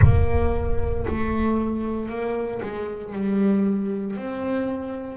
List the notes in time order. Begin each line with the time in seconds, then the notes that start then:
0.02 A#3
1.07 A3
2.09 A#3
2.62 G#3
3.13 G3
4.16 C4